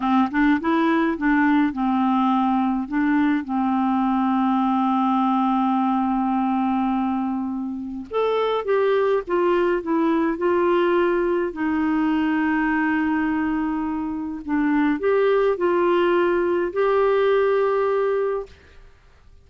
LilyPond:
\new Staff \with { instrumentName = "clarinet" } { \time 4/4 \tempo 4 = 104 c'8 d'8 e'4 d'4 c'4~ | c'4 d'4 c'2~ | c'1~ | c'2 a'4 g'4 |
f'4 e'4 f'2 | dis'1~ | dis'4 d'4 g'4 f'4~ | f'4 g'2. | }